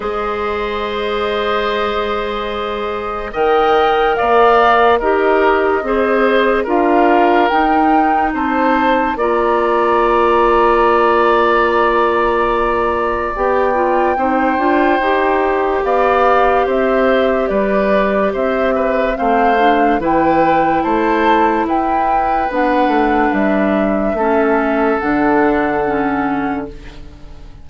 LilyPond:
<<
  \new Staff \with { instrumentName = "flute" } { \time 4/4 \tempo 4 = 72 dis''1 | g''4 f''4 dis''2 | f''4 g''4 a''4 ais''4~ | ais''1 |
g''2. f''4 | e''4 d''4 e''4 f''4 | g''4 a''4 g''4 fis''4 | e''2 fis''2 | }
  \new Staff \with { instrumentName = "oboe" } { \time 4/4 c''1 | dis''4 d''4 ais'4 c''4 | ais'2 c''4 d''4~ | d''1~ |
d''4 c''2 d''4 | c''4 b'4 c''8 b'8 c''4 | b'4 c''4 b'2~ | b'4 a'2. | }
  \new Staff \with { instrumentName = "clarinet" } { \time 4/4 gis'1 | ais'2 g'4 gis'4 | f'4 dis'2 f'4~ | f'1 |
g'8 f'8 dis'8 f'8 g'2~ | g'2. c'8 d'8 | e'2. d'4~ | d'4 cis'4 d'4 cis'4 | }
  \new Staff \with { instrumentName = "bassoon" } { \time 4/4 gis1 | dis4 ais4 dis'4 c'4 | d'4 dis'4 c'4 ais4~ | ais1 |
b4 c'8 d'8 dis'4 b4 | c'4 g4 c'4 a4 | e4 a4 e'4 b8 a8 | g4 a4 d2 | }
>>